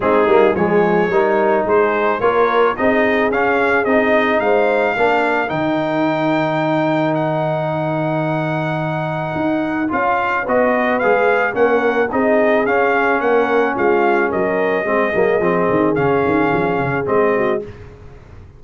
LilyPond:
<<
  \new Staff \with { instrumentName = "trumpet" } { \time 4/4 \tempo 4 = 109 gis'4 cis''2 c''4 | cis''4 dis''4 f''4 dis''4 | f''2 g''2~ | g''4 fis''2.~ |
fis''2 f''4 dis''4 | f''4 fis''4 dis''4 f''4 | fis''4 f''4 dis''2~ | dis''4 f''2 dis''4 | }
  \new Staff \with { instrumentName = "horn" } { \time 4/4 dis'4 gis'4 ais'4 gis'4 | ais'4 gis'2. | c''4 ais'2.~ | ais'1~ |
ais'2. b'4~ | b'4 ais'4 gis'2 | ais'4 f'4 ais'4 gis'4~ | gis'2.~ gis'8 fis'8 | }
  \new Staff \with { instrumentName = "trombone" } { \time 4/4 c'8 ais8 gis4 dis'2 | f'4 dis'4 cis'4 dis'4~ | dis'4 d'4 dis'2~ | dis'1~ |
dis'2 f'4 fis'4 | gis'4 cis'4 dis'4 cis'4~ | cis'2. c'8 ais8 | c'4 cis'2 c'4 | }
  \new Staff \with { instrumentName = "tuba" } { \time 4/4 gis8 g8 f4 g4 gis4 | ais4 c'4 cis'4 c'4 | gis4 ais4 dis2~ | dis1~ |
dis4 dis'4 cis'4 b4 | gis4 ais4 c'4 cis'4 | ais4 gis4 fis4 gis8 fis8 | f8 dis8 cis8 dis8 f8 cis8 gis4 | }
>>